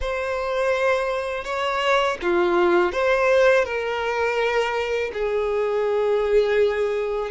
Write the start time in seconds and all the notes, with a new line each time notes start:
0.00 C5
1.44 C#5
2.22 F4
2.92 C5
3.65 A#4
5.13 G#4